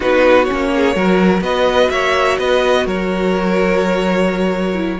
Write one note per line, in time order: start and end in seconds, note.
0.00 0.50 B3
0.00 0.45 D#4
0.00 0.70 F#4
0.00 0.44 B4
0.44 0.95 C#4
0.44 1.40 C#5
0.51 0.95 A#3
0.75 0.95 G#4
0.95 1.40 F#3
0.95 4.74 F#4
0.95 1.43 A#4
1.40 1.88 B3
1.40 1.91 B4
1.40 1.90 D#5
1.90 2.38 A#3
1.90 2.39 C#5
1.90 2.37 E5
2.38 2.86 B3
2.38 2.86 B4
2.38 2.86 D#5
2.86 4.99 F#3
2.86 4.99 A#4
2.86 4.99 C#5
4.74 4.98 E4